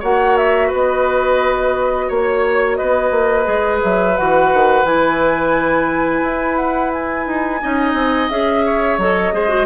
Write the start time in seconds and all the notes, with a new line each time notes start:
0.00 A#3 F#4 C#5 F#5
0.37 E5
0.68 B3 B4
0.75 D#5
2.09 A#3 C#5
2.76 B3 B4 D#5
3.11 A#3
3.45 G#3 G#4
3.83 F#3 E5
4.17 E3 F#4 F#5
4.54 D#3
4.84 E3 E4 G#5
6.24 E4
6.56 F#5
6.93 G#5
7.27 D#4
7.62 C#4 D#4 D#5
7.94 C4
8.30 C#4 G#4 E5
8.66 C#5
8.98 F#3 A4 D#5
9.33 G#3 G#4 C5
9.49 F#4